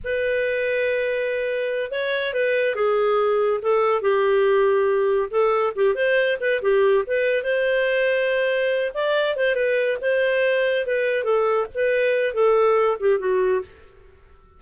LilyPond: \new Staff \with { instrumentName = "clarinet" } { \time 4/4 \tempo 4 = 141 b'1~ | b'8 cis''4 b'4 gis'4.~ | gis'8 a'4 g'2~ g'8~ | g'8 a'4 g'8 c''4 b'8 g'8~ |
g'8 b'4 c''2~ c''8~ | c''4 d''4 c''8 b'4 c''8~ | c''4. b'4 a'4 b'8~ | b'4 a'4. g'8 fis'4 | }